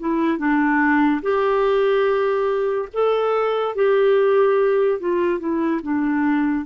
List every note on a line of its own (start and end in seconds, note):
0.00 0.38 E4
0.38 1.22 D4
1.22 2.89 G4
2.93 3.75 A4
3.75 5.00 G4
5.00 5.39 F4
5.39 5.81 E4
5.83 6.66 D4